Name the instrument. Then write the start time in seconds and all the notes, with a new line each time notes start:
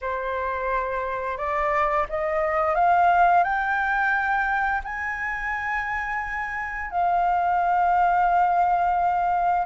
flute
0.01 C5
1.37 D5
2.09 D#5
2.74 F5
3.43 G5
4.83 G#5
6.90 F5